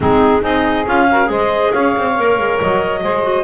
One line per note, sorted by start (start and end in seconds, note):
0.00 0.43 G#3
0.00 0.41 C4
0.00 0.41 D#4
0.00 0.42 G#4
0.41 0.86 C4
0.41 0.84 D#4
0.41 1.06 G#4
0.41 0.86 D#5
0.86 1.29 C#4
0.86 1.07 F4
0.86 1.30 F5
1.10 1.25 F#4
1.10 1.30 A#4
1.25 1.72 G#3
1.25 2.11 G#4
1.25 1.72 C5
1.25 1.72 D#5
1.72 1.96 C#4
1.72 3.01 C#5
1.72 2.59 F5
1.96 2.18 C4
2.16 2.38 A#3
2.16 3.01 A#4
2.38 2.60 G#3
2.61 3.03 F#3
2.61 3.43 D#5
3.01 3.43 G#3
3.01 3.22 G#4
3.01 3.43 C5
3.22 3.43 F#4